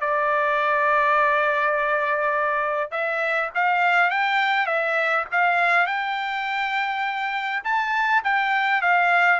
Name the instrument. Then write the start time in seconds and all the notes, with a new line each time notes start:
trumpet
0.00 D5
2.91 E5
3.54 F5
4.10 G5
4.66 E5
5.31 F5
5.86 G5
7.64 A5
8.24 G5
8.81 F5